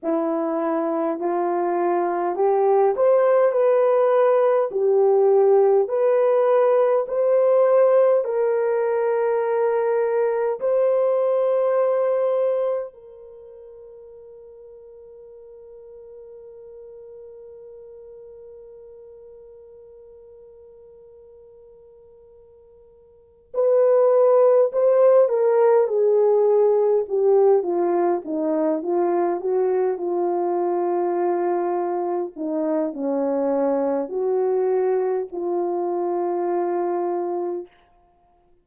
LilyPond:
\new Staff \with { instrumentName = "horn" } { \time 4/4 \tempo 4 = 51 e'4 f'4 g'8 c''8 b'4 | g'4 b'4 c''4 ais'4~ | ais'4 c''2 ais'4~ | ais'1~ |
ais'1 | b'4 c''8 ais'8 gis'4 g'8 f'8 | dis'8 f'8 fis'8 f'2 dis'8 | cis'4 fis'4 f'2 | }